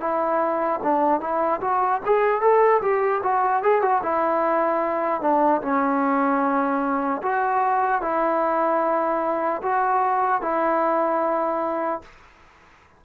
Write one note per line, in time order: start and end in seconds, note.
0.00 0.80 E4
0.83 1.20 D4
1.20 1.60 E4
1.61 2.01 F#4
2.05 2.41 G#4
2.41 2.81 A4
2.82 3.22 G4
3.23 3.63 F#4
3.63 3.82 G#4
3.82 4.02 F#4
4.03 5.21 E4
5.21 5.61 D4
5.62 7.22 C#4
7.23 8.02 F#4
8.02 9.62 E4
9.63 10.42 F#4
10.42 12.02 E4